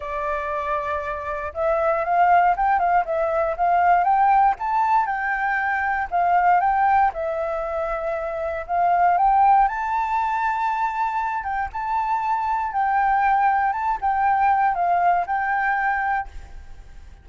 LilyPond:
\new Staff \with { instrumentName = "flute" } { \time 4/4 \tempo 4 = 118 d''2. e''4 | f''4 g''8 f''8 e''4 f''4 | g''4 a''4 g''2 | f''4 g''4 e''2~ |
e''4 f''4 g''4 a''4~ | a''2~ a''8 g''8 a''4~ | a''4 g''2 a''8 g''8~ | g''4 f''4 g''2 | }